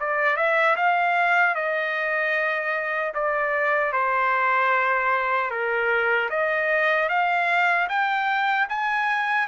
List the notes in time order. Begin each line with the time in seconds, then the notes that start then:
0.00 D5
0.37 E5
0.76 F5
1.55 D#5
3.14 D5
3.93 C5
5.51 A#4
6.30 D#5
7.09 F5
7.89 G5
8.69 G#5